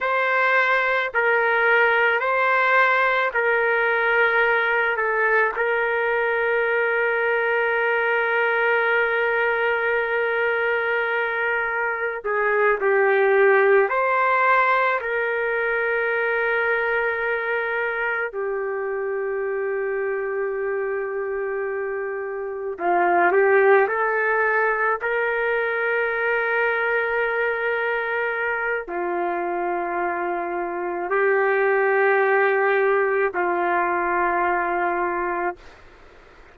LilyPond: \new Staff \with { instrumentName = "trumpet" } { \time 4/4 \tempo 4 = 54 c''4 ais'4 c''4 ais'4~ | ais'8 a'8 ais'2.~ | ais'2. gis'8 g'8~ | g'8 c''4 ais'2~ ais'8~ |
ais'8 g'2.~ g'8~ | g'8 f'8 g'8 a'4 ais'4.~ | ais'2 f'2 | g'2 f'2 | }